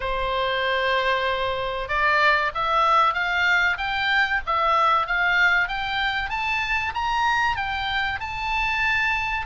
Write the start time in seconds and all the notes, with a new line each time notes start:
0.00 C5
1.88 D5
2.54 E5
3.14 F5
3.77 G5
4.46 E5
5.06 F5
5.68 G5
6.29 A5
6.94 A#5
7.56 G5
8.20 A5